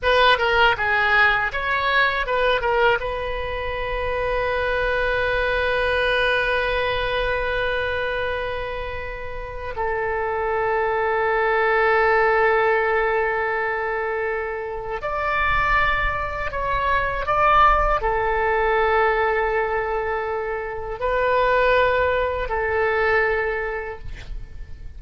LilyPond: \new Staff \with { instrumentName = "oboe" } { \time 4/4 \tempo 4 = 80 b'8 ais'8 gis'4 cis''4 b'8 ais'8 | b'1~ | b'1~ | b'4 a'2.~ |
a'1 | d''2 cis''4 d''4 | a'1 | b'2 a'2 | }